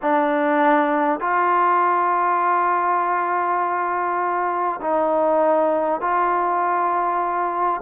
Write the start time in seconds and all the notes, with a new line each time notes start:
0.02 D4
1.19 F4
4.81 D#4
6.01 F4